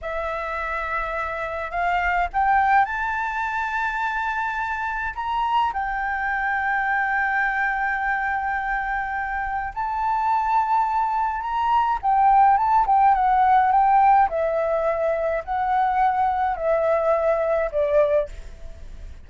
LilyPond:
\new Staff \with { instrumentName = "flute" } { \time 4/4 \tempo 4 = 105 e''2. f''4 | g''4 a''2.~ | a''4 ais''4 g''2~ | g''1~ |
g''4 a''2. | ais''4 g''4 a''8 g''8 fis''4 | g''4 e''2 fis''4~ | fis''4 e''2 d''4 | }